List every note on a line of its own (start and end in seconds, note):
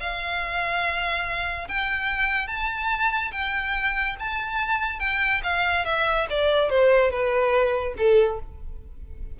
0.00 1.68 F5
1.68 2.47 G5
2.47 3.31 A5
3.32 4.16 G5
4.20 4.99 A5
4.99 5.41 G5
5.43 5.85 F5
5.85 6.27 E5
6.30 6.70 D5
6.70 7.10 C5
7.10 7.94 B4
7.97 8.39 A4